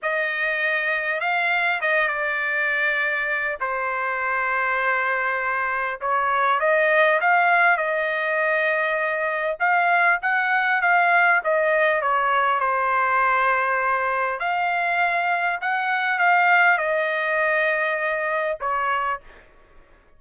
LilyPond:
\new Staff \with { instrumentName = "trumpet" } { \time 4/4 \tempo 4 = 100 dis''2 f''4 dis''8 d''8~ | d''2 c''2~ | c''2 cis''4 dis''4 | f''4 dis''2. |
f''4 fis''4 f''4 dis''4 | cis''4 c''2. | f''2 fis''4 f''4 | dis''2. cis''4 | }